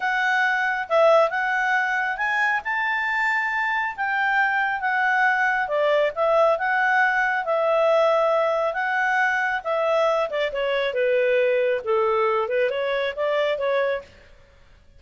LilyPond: \new Staff \with { instrumentName = "clarinet" } { \time 4/4 \tempo 4 = 137 fis''2 e''4 fis''4~ | fis''4 gis''4 a''2~ | a''4 g''2 fis''4~ | fis''4 d''4 e''4 fis''4~ |
fis''4 e''2. | fis''2 e''4. d''8 | cis''4 b'2 a'4~ | a'8 b'8 cis''4 d''4 cis''4 | }